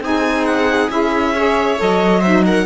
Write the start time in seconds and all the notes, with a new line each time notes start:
0.00 C4 D#4 G#4 G#5
0.45 F#5
0.89 C#4 E4 E5
1.35 G#4 C#5
1.76 F#3 A4 D#5
2.21 D#4 C5 E5
2.45 A#4 F#5